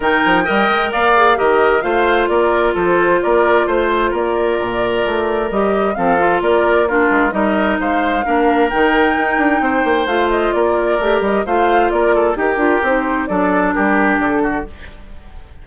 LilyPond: <<
  \new Staff \with { instrumentName = "flute" } { \time 4/4 \tempo 4 = 131 g''2 f''4 dis''4 | f''4 d''4 c''4 d''4 | c''4 d''2. | dis''4 f''4 d''4 ais'4 |
dis''4 f''2 g''4~ | g''2 f''8 dis''8 d''4~ | d''8 dis''8 f''4 d''4 ais'4 | c''4 d''4 ais'4 a'4 | }
  \new Staff \with { instrumentName = "oboe" } { \time 4/4 ais'4 dis''4 d''4 ais'4 | c''4 ais'4 a'4 ais'4 | c''4 ais'2.~ | ais'4 a'4 ais'4 f'4 |
ais'4 c''4 ais'2~ | ais'4 c''2 ais'4~ | ais'4 c''4 ais'8 a'8 g'4~ | g'4 a'4 g'4. fis'8 | }
  \new Staff \with { instrumentName = "clarinet" } { \time 4/4 dis'4 ais'4. gis'8 g'4 | f'1~ | f'1 | g'4 c'8 f'4. d'4 |
dis'2 d'4 dis'4~ | dis'2 f'2 | g'4 f'2 g'8 f'8 | dis'4 d'2. | }
  \new Staff \with { instrumentName = "bassoon" } { \time 4/4 dis8 f8 g8 gis8 ais4 dis4 | a4 ais4 f4 ais4 | a4 ais4 ais,4 a4 | g4 f4 ais4. gis8 |
g4 gis4 ais4 dis4 | dis'8 d'8 c'8 ais8 a4 ais4 | a8 g8 a4 ais4 dis'8 d'8 | c'4 fis4 g4 d4 | }
>>